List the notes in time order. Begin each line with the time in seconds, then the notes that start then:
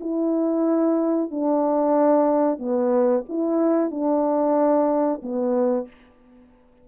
0.00 E4
1.30 D4
2.58 B3
3.28 E4
3.90 D4
5.22 B3